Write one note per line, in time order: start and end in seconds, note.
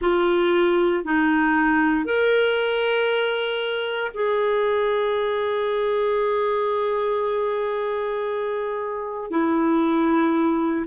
0.00 1.04 F4
1.04 2.04 D#4
2.04 4.11 A#4
4.14 9.30 G#4
9.30 10.85 E4